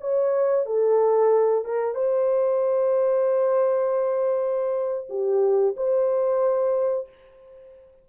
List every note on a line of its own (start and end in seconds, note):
0.00 0.66 C#5
0.66 1.64 A4
1.64 1.95 A#4
1.95 5.08 C5
5.09 5.75 G4
5.76 7.08 C5